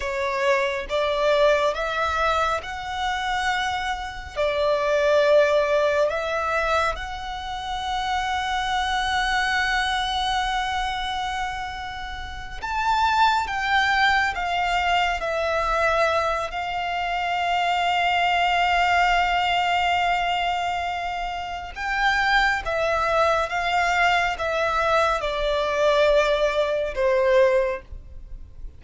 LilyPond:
\new Staff \with { instrumentName = "violin" } { \time 4/4 \tempo 4 = 69 cis''4 d''4 e''4 fis''4~ | fis''4 d''2 e''4 | fis''1~ | fis''2~ fis''8 a''4 g''8~ |
g''8 f''4 e''4. f''4~ | f''1~ | f''4 g''4 e''4 f''4 | e''4 d''2 c''4 | }